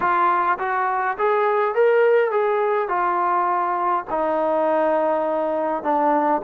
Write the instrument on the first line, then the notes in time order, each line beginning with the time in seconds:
trombone
0.00 F4
0.58 F#4
1.18 G#4
1.74 A#4
2.31 G#4
2.88 F4
4.10 D#4
5.83 D4